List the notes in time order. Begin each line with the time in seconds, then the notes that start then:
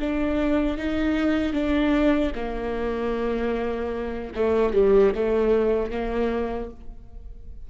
0.00 D4
0.78 D#4
1.53 D4
2.35 A#3
4.36 A3
4.74 G3
5.15 A3
5.91 A#3